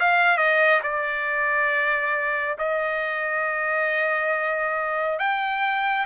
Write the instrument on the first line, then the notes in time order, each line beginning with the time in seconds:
trumpet
0.00 F5
0.38 D#5
0.83 D5
2.58 D#5
5.19 G5